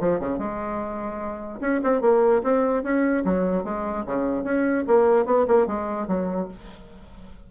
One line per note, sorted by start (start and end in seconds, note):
0.00 0.20 F3
0.20 0.38 C#3
0.38 1.60 G#3
1.61 1.81 C#4
1.84 2.01 C4
2.01 2.42 A#3
2.43 2.83 C4
2.83 3.24 C#4
3.25 3.64 F#3
3.64 4.04 G#3
4.06 4.44 C#3
4.44 4.84 C#4
4.87 5.25 A#3
5.25 5.46 B3
5.47 5.67 A#3
5.67 6.07 G#3
6.07 6.48 F#3